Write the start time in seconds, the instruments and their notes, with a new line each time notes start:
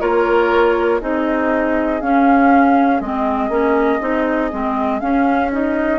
0.00 bassoon A#3, clarinet F4, oboe A#4, flute C#5
1.00 bassoon C4, clarinet D#4, oboe G#4, flute D#5
2.00 bassoon C#4, clarinet C#4, flute F5
3.00 bassoon G#3, clarinet C4, flute D#5
3.49 bassoon A#3, clarinet C#4
4.00 bassoon C4, clarinet D#4
4.51 bassoon G#3, clarinet C4
4.99 clarinet C#4, bassoon C#4, flute F5
5.51 clarinet D#4, flute D#5